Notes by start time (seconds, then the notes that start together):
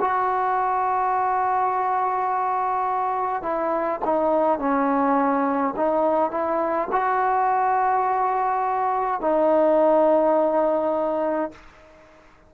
0.00 F#4
3.42 E4
4.04 D#4
4.58 C#4
5.76 D#4
6.30 E4
6.91 F#4
9.20 D#4